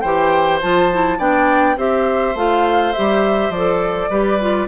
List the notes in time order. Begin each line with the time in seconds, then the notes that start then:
0.00 E3 G4 C5 G5
0.62 F3 F4 A5
0.92 E4
1.18 B3 D4 D5 G5
1.76 C4 G4 C5 E5
2.35 A3 F4 F5
2.93 G3 G4 E5
3.50 F3 D5
3.56 A4
4.09 G3 G4 B4
4.40 F4